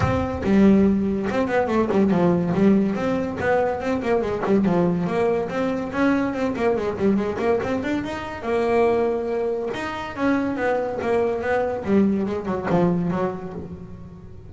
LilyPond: \new Staff \with { instrumentName = "double bass" } { \time 4/4 \tempo 4 = 142 c'4 g2 c'8 b8 | a8 g8 f4 g4 c'4 | b4 c'8 ais8 gis8 g8 f4 | ais4 c'4 cis'4 c'8 ais8 |
gis8 g8 gis8 ais8 c'8 d'8 dis'4 | ais2. dis'4 | cis'4 b4 ais4 b4 | g4 gis8 fis8 f4 fis4 | }